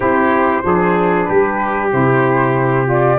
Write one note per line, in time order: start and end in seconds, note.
0.00 0.61 C4
0.00 0.62 E4
0.00 0.64 G4
0.00 1.24 C5
0.62 1.28 F3
0.62 1.89 D4
0.62 1.28 G#4
1.24 1.92 G3
1.24 3.18 G4
1.24 1.88 B4
1.90 3.18 C3
1.90 2.85 E4
1.90 2.87 C5
2.85 3.16 F4
2.85 3.18 D5